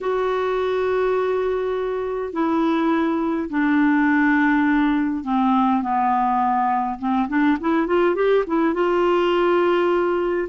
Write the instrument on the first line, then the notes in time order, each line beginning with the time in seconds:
clarinet
0.00 F#4
2.32 E4
3.50 D4
5.23 C4
5.82 B3
6.98 C4
7.28 D4
7.60 E4
7.86 F4
8.15 G4
8.46 E4
8.74 F4